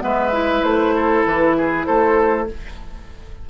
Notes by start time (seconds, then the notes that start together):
0.00 G#3 B3 B4 E5
0.32 E4
0.63 A3 C5
0.95 A4
1.26 E3 B4
1.57 G#4
1.86 A3 A4 C5